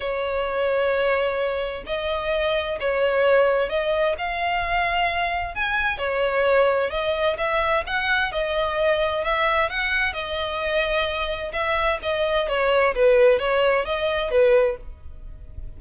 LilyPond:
\new Staff \with { instrumentName = "violin" } { \time 4/4 \tempo 4 = 130 cis''1 | dis''2 cis''2 | dis''4 f''2. | gis''4 cis''2 dis''4 |
e''4 fis''4 dis''2 | e''4 fis''4 dis''2~ | dis''4 e''4 dis''4 cis''4 | b'4 cis''4 dis''4 b'4 | }